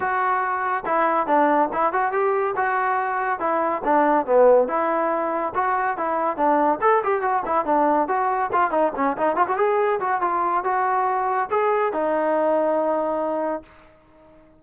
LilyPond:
\new Staff \with { instrumentName = "trombone" } { \time 4/4 \tempo 4 = 141 fis'2 e'4 d'4 | e'8 fis'8 g'4 fis'2 | e'4 d'4 b4 e'4~ | e'4 fis'4 e'4 d'4 |
a'8 g'8 fis'8 e'8 d'4 fis'4 | f'8 dis'8 cis'8 dis'8 f'16 fis'16 gis'4 fis'8 | f'4 fis'2 gis'4 | dis'1 | }